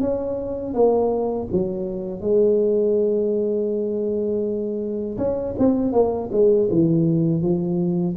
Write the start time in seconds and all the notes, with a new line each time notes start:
0.00 C#4
0.73 A#3
1.52 F#3
2.21 G#3
5.17 C#4
5.58 C4
5.92 A#3
6.32 G#3
6.70 E3
7.41 F3